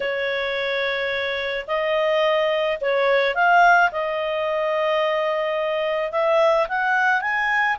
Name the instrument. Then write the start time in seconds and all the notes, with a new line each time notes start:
clarinet
0.00 C#5
1.67 D#5
2.80 C#5
3.34 F5
3.91 D#5
6.11 E5
6.68 F#5
7.21 G#5